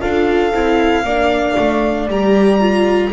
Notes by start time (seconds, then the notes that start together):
0.00 D4 F4 A4 F5
0.52 C4 E4
1.04 A#3 D4 D5
1.58 A3
2.08 G3 G4 A#5
2.60 F4